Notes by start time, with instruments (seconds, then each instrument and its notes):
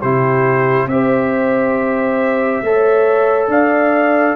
0.00 tuba C3, trombone E4, horn G4, trumpet C5
0.87 tuba C4, trombone G4, horn C5, trumpet E5
2.62 tuba A3, trombone A4, horn C#5
3.48 tuba D4, horn D5, trumpet F5